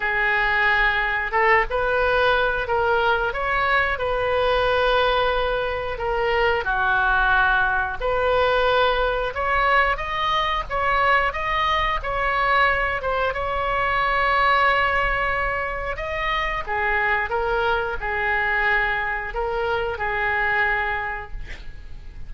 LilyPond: \new Staff \with { instrumentName = "oboe" } { \time 4/4 \tempo 4 = 90 gis'2 a'8 b'4. | ais'4 cis''4 b'2~ | b'4 ais'4 fis'2 | b'2 cis''4 dis''4 |
cis''4 dis''4 cis''4. c''8 | cis''1 | dis''4 gis'4 ais'4 gis'4~ | gis'4 ais'4 gis'2 | }